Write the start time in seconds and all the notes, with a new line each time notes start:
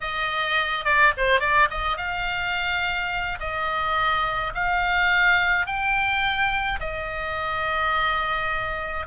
0.01 D#5
0.85 D5
1.17 C5
1.40 D5
1.70 D#5
1.97 F5
3.40 D#5
4.54 F5
5.66 G5
6.80 D#5